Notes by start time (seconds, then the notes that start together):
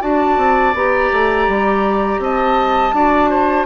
0.00 D4 F#4 D5 A5
0.37 C4
0.74 B3 G4 A#5
1.12 A3
1.48 G3
2.19 C4 D#5 A5
2.93 D4 F#4 D5
3.30 C5